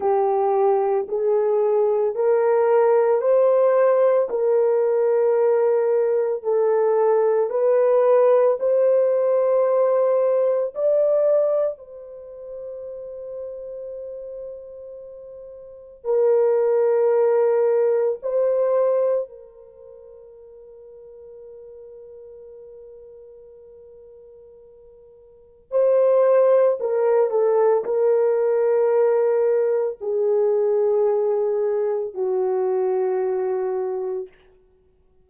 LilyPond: \new Staff \with { instrumentName = "horn" } { \time 4/4 \tempo 4 = 56 g'4 gis'4 ais'4 c''4 | ais'2 a'4 b'4 | c''2 d''4 c''4~ | c''2. ais'4~ |
ais'4 c''4 ais'2~ | ais'1 | c''4 ais'8 a'8 ais'2 | gis'2 fis'2 | }